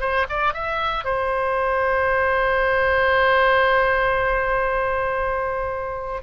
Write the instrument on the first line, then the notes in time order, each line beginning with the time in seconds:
oboe
0.00 C5
0.29 D5
0.53 E5
1.04 C5